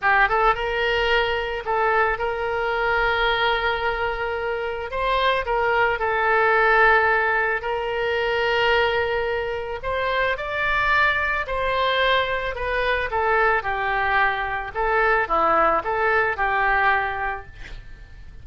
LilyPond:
\new Staff \with { instrumentName = "oboe" } { \time 4/4 \tempo 4 = 110 g'8 a'8 ais'2 a'4 | ais'1~ | ais'4 c''4 ais'4 a'4~ | a'2 ais'2~ |
ais'2 c''4 d''4~ | d''4 c''2 b'4 | a'4 g'2 a'4 | e'4 a'4 g'2 | }